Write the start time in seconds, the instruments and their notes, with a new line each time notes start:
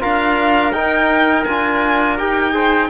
0.00 cello D4, trombone F4, trumpet A#4, violin F5
0.73 cello D#4, trombone D#4, violin G5
1.45 cello D4, trombone F4, violin G#5
2.18 cello D#4, trombone G4, violin G5
2.53 trombone G#4, trumpet C5